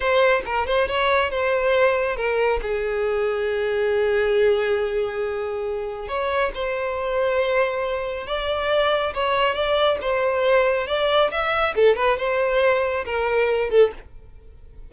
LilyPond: \new Staff \with { instrumentName = "violin" } { \time 4/4 \tempo 4 = 138 c''4 ais'8 c''8 cis''4 c''4~ | c''4 ais'4 gis'2~ | gis'1~ | gis'2 cis''4 c''4~ |
c''2. d''4~ | d''4 cis''4 d''4 c''4~ | c''4 d''4 e''4 a'8 b'8 | c''2 ais'4. a'8 | }